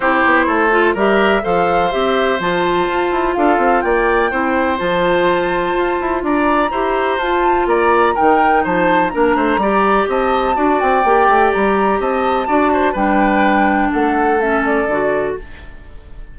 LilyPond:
<<
  \new Staff \with { instrumentName = "flute" } { \time 4/4 \tempo 4 = 125 c''2 e''4 f''4 | e''4 a''2 f''4 | g''2 a''2~ | a''4 ais''2 a''4 |
ais''4 g''4 a''4 ais''4~ | ais''4 a''4. g''4. | ais''4 a''2 g''4~ | g''4 fis''4 e''8 d''4. | }
  \new Staff \with { instrumentName = "oboe" } { \time 4/4 g'4 a'4 ais'4 c''4~ | c''2. a'4 | d''4 c''2.~ | c''4 d''4 c''2 |
d''4 ais'4 c''4 ais'8 c''8 | d''4 dis''4 d''2~ | d''4 dis''4 d''8 c''8 b'4~ | b'4 a'2. | }
  \new Staff \with { instrumentName = "clarinet" } { \time 4/4 e'4. f'8 g'4 a'4 | g'4 f'2.~ | f'4 e'4 f'2~ | f'2 g'4 f'4~ |
f'4 dis'2 d'4 | g'2 fis'4 g'4~ | g'2 fis'4 d'4~ | d'2 cis'4 fis'4 | }
  \new Staff \with { instrumentName = "bassoon" } { \time 4/4 c'8 b8 a4 g4 f4 | c'4 f4 f'8 e'8 d'8 c'8 | ais4 c'4 f2 | f'8 e'8 d'4 e'4 f'4 |
ais4 dis4 f4 ais8 a8 | g4 c'4 d'8 c'8 ais8 a8 | g4 c'4 d'4 g4~ | g4 a2 d4 | }
>>